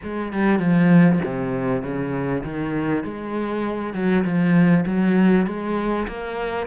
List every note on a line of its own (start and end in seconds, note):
0.02 0.33 G#3
0.33 0.59 G3
0.59 1.19 F3
1.24 1.82 C3
1.82 2.43 C#3
2.43 3.04 D#3
3.04 3.93 G#3
3.93 4.24 F#3
4.24 4.85 F3
4.86 5.46 F#3
5.46 6.07 G#3
6.07 6.66 A#3